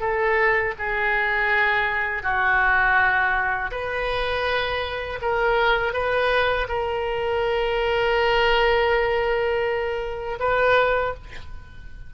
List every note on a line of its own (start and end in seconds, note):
0.00 0.74 A4
0.78 2.23 G#4
2.23 3.71 F#4
3.71 5.19 B4
5.22 5.93 A#4
5.93 6.67 B4
6.68 10.39 A#4
10.40 11.14 B4